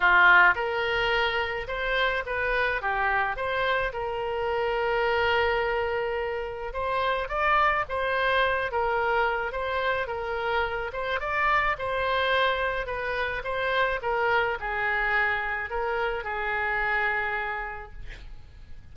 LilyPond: \new Staff \with { instrumentName = "oboe" } { \time 4/4 \tempo 4 = 107 f'4 ais'2 c''4 | b'4 g'4 c''4 ais'4~ | ais'1 | c''4 d''4 c''4. ais'8~ |
ais'4 c''4 ais'4. c''8 | d''4 c''2 b'4 | c''4 ais'4 gis'2 | ais'4 gis'2. | }